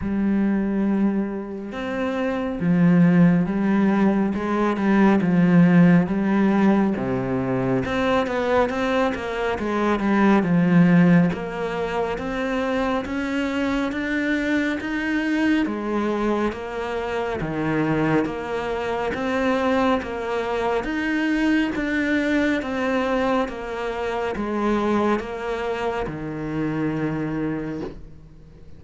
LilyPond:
\new Staff \with { instrumentName = "cello" } { \time 4/4 \tempo 4 = 69 g2 c'4 f4 | g4 gis8 g8 f4 g4 | c4 c'8 b8 c'8 ais8 gis8 g8 | f4 ais4 c'4 cis'4 |
d'4 dis'4 gis4 ais4 | dis4 ais4 c'4 ais4 | dis'4 d'4 c'4 ais4 | gis4 ais4 dis2 | }